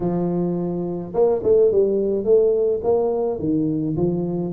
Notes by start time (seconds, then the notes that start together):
0.00 F3
1.13 A#3
1.43 A3
1.71 G3
2.24 A3
2.83 A#3
3.39 D#3
3.96 F3